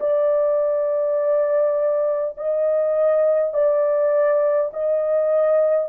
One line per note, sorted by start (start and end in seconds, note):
0.00 2.35 D5
2.37 3.53 D#5
3.53 4.71 D5
4.73 5.89 D#5